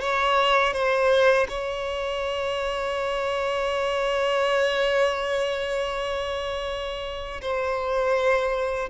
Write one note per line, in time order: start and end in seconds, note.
0.00 0.72 C#5
0.72 1.46 C5
1.48 7.41 C#5
7.41 8.89 C5